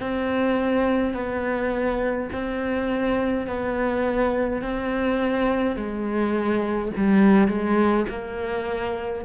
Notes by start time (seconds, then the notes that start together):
0.00 C4
1.14 B3
2.32 C4
3.47 B3
4.62 C4
5.76 G#3
6.97 G3
7.48 G#3
8.09 A#3